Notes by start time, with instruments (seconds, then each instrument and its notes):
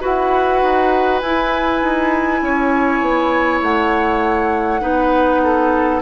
0.00 bassoon E4, clarinet F#4, oboe B4, flute F#5
0.61 bassoon D#4
1.18 bassoon E4, flute G#5
1.25 clarinet E4
1.81 bassoon D#4
2.41 bassoon C#4, oboe C#5
3.00 bassoon B3
3.61 bassoon A3, flute F#5
4.80 bassoon B3, clarinet D#4, oboe B4
5.43 oboe A4